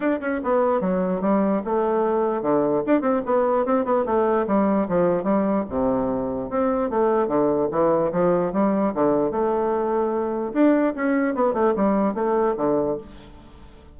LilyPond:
\new Staff \with { instrumentName = "bassoon" } { \time 4/4 \tempo 4 = 148 d'8 cis'8 b4 fis4 g4 | a2 d4 d'8 c'8 | b4 c'8 b8 a4 g4 | f4 g4 c2 |
c'4 a4 d4 e4 | f4 g4 d4 a4~ | a2 d'4 cis'4 | b8 a8 g4 a4 d4 | }